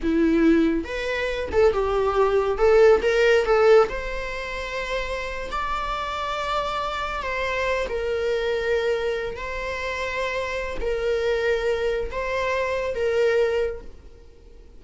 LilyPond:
\new Staff \with { instrumentName = "viola" } { \time 4/4 \tempo 4 = 139 e'2 b'4. a'8 | g'2 a'4 ais'4 | a'4 c''2.~ | c''8. d''2.~ d''16~ |
d''8. c''4. ais'4.~ ais'16~ | ais'4.~ ais'16 c''2~ c''16~ | c''4 ais'2. | c''2 ais'2 | }